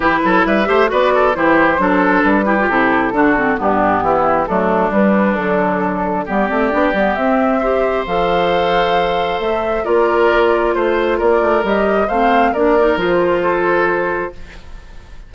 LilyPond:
<<
  \new Staff \with { instrumentName = "flute" } { \time 4/4 \tempo 4 = 134 b'4 e''4 d''4 c''4~ | c''4 b'4 a'2 | g'2 a'4 b'4 | a'2 d''2 |
e''2 f''2~ | f''4 e''4 d''2 | c''4 d''4 dis''4 f''4 | d''4 c''2. | }
  \new Staff \with { instrumentName = "oboe" } { \time 4/4 g'8 a'8 b'8 c''8 b'8 a'8 g'4 | a'4. g'4. fis'4 | d'4 e'4 d'2~ | d'2 g'2~ |
g'4 c''2.~ | c''2 ais'2 | c''4 ais'2 c''4 | ais'2 a'2 | }
  \new Staff \with { instrumentName = "clarinet" } { \time 4/4 e'4. g'8 fis'4 e'4 | d'4. e'16 f'16 e'4 d'8 c'8 | b2 a4 g4 | fis2 b8 c'8 d'8 b8 |
c'4 g'4 a'2~ | a'2 f'2~ | f'2 g'4 c'4 | d'8 dis'8 f'2. | }
  \new Staff \with { instrumentName = "bassoon" } { \time 4/4 e8 fis8 g8 a8 b4 e4 | fis4 g4 c4 d4 | g,4 e4 fis4 g4 | d2 g8 a8 b8 g8 |
c'2 f2~ | f4 a4 ais2 | a4 ais8 a8 g4 a4 | ais4 f2. | }
>>